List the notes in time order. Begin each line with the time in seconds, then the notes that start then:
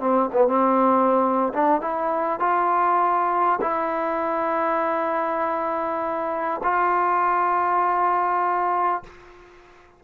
0.00 C4
0.32 B3
0.47 C4
1.53 D4
1.81 E4
2.39 F4
3.61 E4
6.63 F4